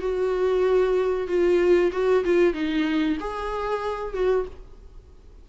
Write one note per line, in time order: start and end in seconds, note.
0.00 1.27 F#4
1.27 1.91 F4
1.92 2.24 F#4
2.24 2.54 F4
2.54 3.17 D#4
3.20 4.14 G#4
4.14 4.46 F#4